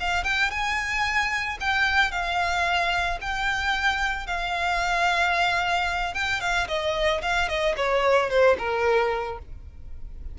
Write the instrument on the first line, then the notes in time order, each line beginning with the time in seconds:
violin
0.00 F5
0.24 G5
0.51 G#5
1.61 G5
2.12 F5
3.21 G5
4.27 F5
6.15 G5
6.41 F5
6.68 D#5
7.22 F5
7.49 D#5
7.77 C#5
8.30 C5
8.59 A#4